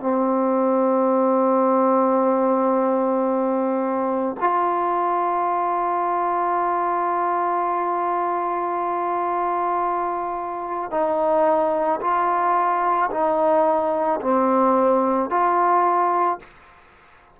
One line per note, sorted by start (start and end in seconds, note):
0.00 4.36 C4
4.40 10.91 F4
10.91 12.00 D#4
12.01 13.10 F4
13.11 14.20 D#4
14.21 15.30 C4
15.30 16.39 F4